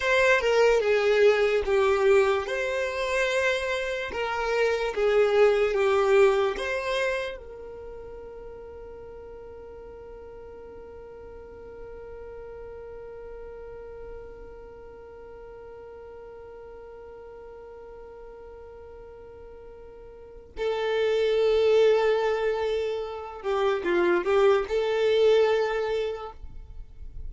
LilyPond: \new Staff \with { instrumentName = "violin" } { \time 4/4 \tempo 4 = 73 c''8 ais'8 gis'4 g'4 c''4~ | c''4 ais'4 gis'4 g'4 | c''4 ais'2.~ | ais'1~ |
ais'1~ | ais'1~ | ais'4 a'2.~ | a'8 g'8 f'8 g'8 a'2 | }